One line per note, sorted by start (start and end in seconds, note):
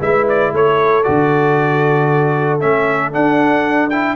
0.00 0.53 G#3
0.00 1.04 E4
0.00 0.52 B4
0.00 0.28 E5
0.29 0.55 D5
0.52 1.05 A3
0.52 4.16 A4
0.52 1.03 C#5
1.03 2.63 D3
1.03 2.61 F#4
1.03 2.60 D5
2.60 3.16 A3
2.60 3.13 C#4
2.60 3.13 E5
3.13 3.91 D4
3.13 4.16 D4
3.13 3.90 F#5
3.90 4.16 E4
3.90 4.16 G5